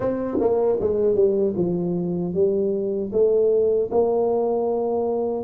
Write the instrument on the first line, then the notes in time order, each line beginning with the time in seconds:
tuba
0.00 C4
0.40 A#3
0.80 G#3
1.15 G3
1.56 F3
2.33 G3
3.12 A3
3.90 A#3